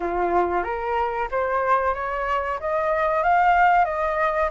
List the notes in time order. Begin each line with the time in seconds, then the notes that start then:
0.00 F4
0.63 A#4
1.31 C5
1.94 C#5
2.60 D#5
3.23 F5
3.84 D#5